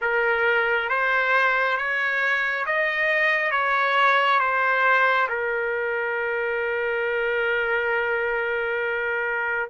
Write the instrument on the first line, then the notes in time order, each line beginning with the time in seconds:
trumpet
0.01 A#4
0.89 C5
1.76 C#5
2.66 D#5
3.51 C#5
4.39 C5
5.29 A#4